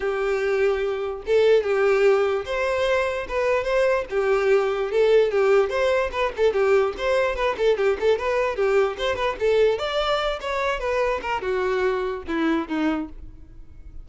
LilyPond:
\new Staff \with { instrumentName = "violin" } { \time 4/4 \tempo 4 = 147 g'2. a'4 | g'2 c''2 | b'4 c''4 g'2 | a'4 g'4 c''4 b'8 a'8 |
g'4 c''4 b'8 a'8 g'8 a'8 | b'4 g'4 c''8 b'8 a'4 | d''4. cis''4 b'4 ais'8 | fis'2 e'4 dis'4 | }